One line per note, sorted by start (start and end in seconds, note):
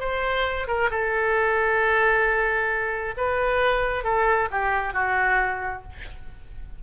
0.00 0.67 C5
0.68 0.90 A#4
0.91 3.15 A4
3.17 4.04 B4
4.04 4.49 A4
4.51 4.94 G4
4.94 5.83 F#4